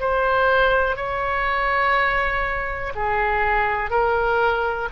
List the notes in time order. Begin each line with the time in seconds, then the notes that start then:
0.00 C5
0.97 C#5
2.96 G#4
3.91 A#4